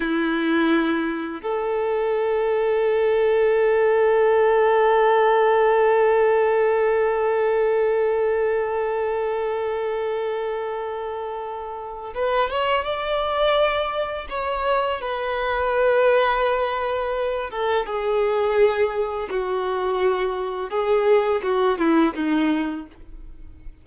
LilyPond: \new Staff \with { instrumentName = "violin" } { \time 4/4 \tempo 4 = 84 e'2 a'2~ | a'1~ | a'1~ | a'1~ |
a'4 b'8 cis''8 d''2 | cis''4 b'2.~ | b'8 a'8 gis'2 fis'4~ | fis'4 gis'4 fis'8 e'8 dis'4 | }